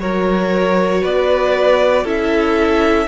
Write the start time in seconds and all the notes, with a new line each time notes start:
0.00 F#3 F#4 A#4 C#5
1.02 B3 B4 D5
2.04 C#4 E4 A4 E5